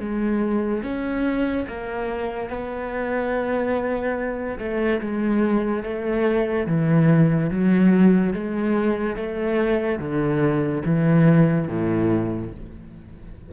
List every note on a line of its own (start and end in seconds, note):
0.00 0.83 G#3
0.83 1.67 C#4
1.68 2.50 A#3
2.50 4.58 B3
4.59 5.00 A3
5.01 5.83 G#3
5.83 6.67 A3
6.67 7.50 E3
7.50 8.33 F#3
8.33 9.16 G#3
9.16 9.99 A3
9.99 10.83 D3
10.85 11.68 E3
11.68 12.51 A2